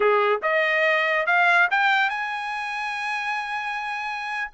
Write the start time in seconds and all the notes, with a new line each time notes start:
0.00 G#4
0.42 D#5
1.26 F5
1.71 G5
2.09 G#5